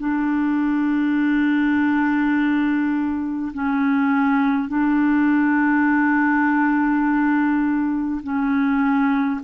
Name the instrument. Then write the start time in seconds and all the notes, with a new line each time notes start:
clarinet
0.00 D4
3.54 C#4
4.68 D4
8.24 C#4